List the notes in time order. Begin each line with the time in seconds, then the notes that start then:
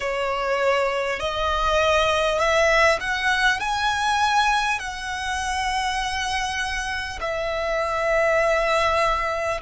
0.00 C#5
1.19 D#5
2.39 E5
2.99 F#5
3.60 G#5
4.79 F#5
7.21 E5